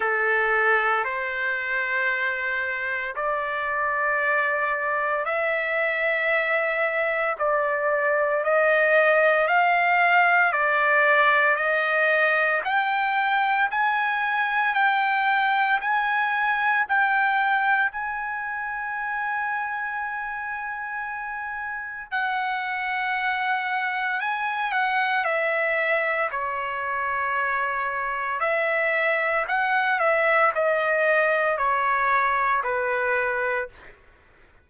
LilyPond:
\new Staff \with { instrumentName = "trumpet" } { \time 4/4 \tempo 4 = 57 a'4 c''2 d''4~ | d''4 e''2 d''4 | dis''4 f''4 d''4 dis''4 | g''4 gis''4 g''4 gis''4 |
g''4 gis''2.~ | gis''4 fis''2 gis''8 fis''8 | e''4 cis''2 e''4 | fis''8 e''8 dis''4 cis''4 b'4 | }